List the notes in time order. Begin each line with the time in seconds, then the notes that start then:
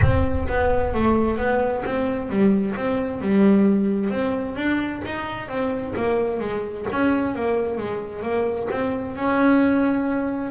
0.01 C4
0.48 B3
0.93 A3
1.37 B3
1.85 C4
2.29 G3
2.75 C4
3.21 G3
4.10 C4
4.56 D4
5.05 D#4
5.48 C4
5.96 A#3
6.40 G#3
6.91 C#4
7.35 A#3
7.77 G#3
8.22 A#3
8.70 C4
9.16 C#4